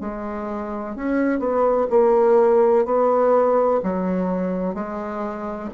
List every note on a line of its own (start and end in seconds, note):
0.00 0.95 G#3
0.95 1.39 C#4
1.39 1.86 B3
1.90 2.85 A#3
2.85 3.80 B3
3.83 4.74 F#3
4.74 5.69 G#3